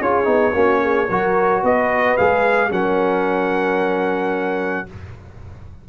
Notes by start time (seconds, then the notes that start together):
0.00 C#4 F4 G#4 C#5
0.24 B3 D#4
0.54 A#3 C#4 F#4
0.82 G#4
1.08 F#3 F#4 A#4
1.62 B3 B4 D#5
2.17 G#3 G#4 F5
2.70 F#3 C#4 A#4 F#5